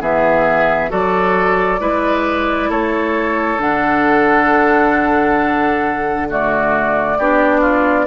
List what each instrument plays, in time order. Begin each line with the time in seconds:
0.00 bassoon E3, clarinet B3, oboe G#4, flute E5
0.89 bassoon F#3, clarinet F#4, oboe A4, flute D5
1.79 bassoon G#3, clarinet E4, oboe B4
2.69 bassoon A3, oboe A4, flute C#5
3.58 bassoon D3, clarinet D4, flute F#5
6.29 clarinet A3, oboe F#4, flute D5
7.18 bassoon B3, clarinet D4, oboe G4
7.60 oboe F4